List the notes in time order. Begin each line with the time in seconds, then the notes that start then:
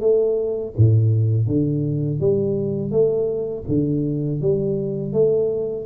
0.00 A3
0.77 A2
1.47 D3
2.20 G3
2.91 A3
3.68 D3
4.41 G3
5.13 A3